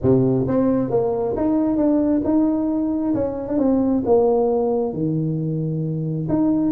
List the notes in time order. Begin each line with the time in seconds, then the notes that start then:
0.02 C3
0.47 C4
0.90 A#3
1.36 D#4
1.77 D4
2.24 D#4
3.14 C#4
3.47 D4
3.58 C4
4.05 A#3
4.93 D#3
6.28 D#4